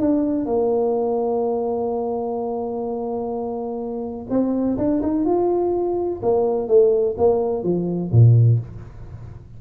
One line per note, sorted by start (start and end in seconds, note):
0.00 0.46 D4
0.46 4.27 A#3
4.30 4.77 C4
4.78 5.02 D4
5.02 5.26 D#4
5.26 6.21 F4
6.23 6.68 A#3
6.68 7.16 A3
7.18 7.64 A#3
7.64 8.11 F3
8.12 8.60 A#2